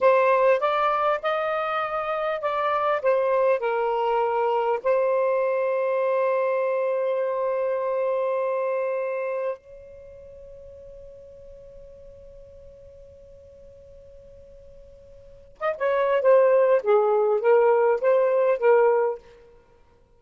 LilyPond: \new Staff \with { instrumentName = "saxophone" } { \time 4/4 \tempo 4 = 100 c''4 d''4 dis''2 | d''4 c''4 ais'2 | c''1~ | c''1 |
cis''1~ | cis''1~ | cis''2 dis''16 cis''8. c''4 | gis'4 ais'4 c''4 ais'4 | }